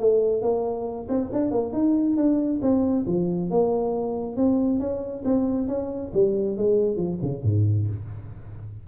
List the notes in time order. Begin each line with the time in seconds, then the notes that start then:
0.00 A3
0.43 A#3
1.09 C4
1.33 D4
1.52 A#3
1.73 D#4
2.17 D4
2.62 C4
3.07 F3
3.51 A#3
4.37 C4
4.80 C#4
5.25 C4
5.68 C#4
6.14 G3
6.58 G#3
6.97 F3
7.23 C#3
7.44 G#2